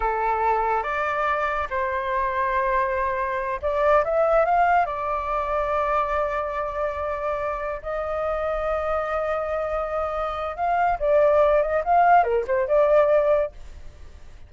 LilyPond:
\new Staff \with { instrumentName = "flute" } { \time 4/4 \tempo 4 = 142 a'2 d''2 | c''1~ | c''8 d''4 e''4 f''4 d''8~ | d''1~ |
d''2~ d''8 dis''4.~ | dis''1~ | dis''4 f''4 d''4. dis''8 | f''4 ais'8 c''8 d''2 | }